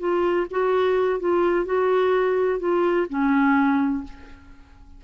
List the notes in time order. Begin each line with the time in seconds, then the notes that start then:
0.00 F4
0.51 F#4
1.20 F4
1.66 F#4
2.60 F4
3.10 C#4